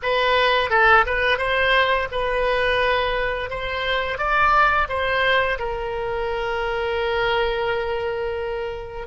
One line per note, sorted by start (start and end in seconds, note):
0.02 0.70 B4
0.70 1.05 A4
1.06 1.38 B4
1.38 2.07 C5
2.11 3.49 B4
3.49 4.18 C5
4.18 4.87 D5
4.88 5.58 C5
5.58 9.07 A#4